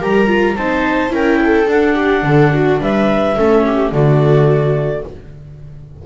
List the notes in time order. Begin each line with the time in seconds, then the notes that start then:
0.00 G3 G4 A#4 A#5
0.27 F4
0.56 C4 D#4 C5 A5
1.10 C#4 E4 A#4 G5
1.44 A4
1.67 D4 F#5
1.95 G4
2.23 D3 A4
2.54 F#4
2.80 G3 B4 E5
3.37 A3 C#4 A4
3.66 G4
3.92 D3 A3 F#4 D5